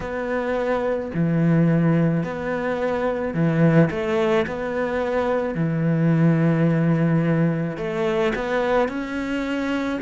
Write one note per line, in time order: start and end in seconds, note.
0.00 1.11 B3
1.14 2.23 E3
2.23 3.33 B3
3.33 3.89 E3
3.90 4.45 A3
4.46 5.55 B3
5.55 7.77 E3
7.77 8.32 A3
8.35 8.88 B3
8.88 9.99 C#4